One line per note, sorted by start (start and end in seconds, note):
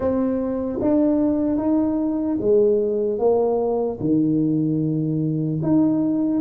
0.00 0.79 C4
0.81 1.57 D4
1.57 2.37 D#4
2.40 3.18 G#3
3.18 3.98 A#3
4.00 5.60 D#3
5.62 6.40 D#4